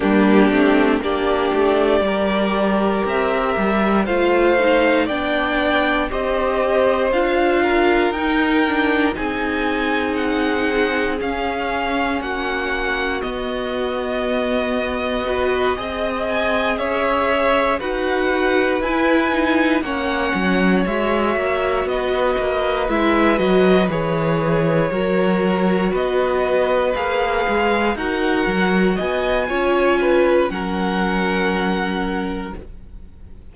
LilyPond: <<
  \new Staff \with { instrumentName = "violin" } { \time 4/4 \tempo 4 = 59 g'4 d''2 e''4 | f''4 g''4 dis''4 f''4 | g''4 gis''4 fis''4 f''4 | fis''4 dis''2. |
gis''8 e''4 fis''4 gis''4 fis''8~ | fis''8 e''4 dis''4 e''8 dis''8 cis''8~ | cis''4. dis''4 f''4 fis''8~ | fis''8 gis''4. fis''2 | }
  \new Staff \with { instrumentName = "violin" } { \time 4/4 d'4 g'4 ais'2 | c''4 d''4 c''4. ais'8~ | ais'4 gis'2. | fis'2. b'8 dis''8~ |
dis''8 cis''4 b'2 cis''8~ | cis''4. b'2~ b'8~ | b'8 ais'4 b'2 ais'8~ | ais'8 dis''8 cis''8 b'8 ais'2 | }
  \new Staff \with { instrumentName = "viola" } { \time 4/4 ais8 c'8 d'4 g'2 | f'8 dis'8 d'4 g'4 f'4 | dis'8 d'8 dis'2 cis'4~ | cis'4 b2 fis'8 gis'8~ |
gis'4. fis'4 e'8 dis'8 cis'8~ | cis'8 fis'2 e'8 fis'8 gis'8~ | gis'8 fis'2 gis'4 fis'8~ | fis'4 f'4 cis'2 | }
  \new Staff \with { instrumentName = "cello" } { \time 4/4 g8 a8 ais8 a8 g4 c'8 g8 | a4 b4 c'4 d'4 | dis'4 c'2 cis'4 | ais4 b2~ b8 c'8~ |
c'8 cis'4 dis'4 e'4 ais8 | fis8 gis8 ais8 b8 ais8 gis8 fis8 e8~ | e8 fis4 b4 ais8 gis8 dis'8 | fis8 b8 cis'4 fis2 | }
>>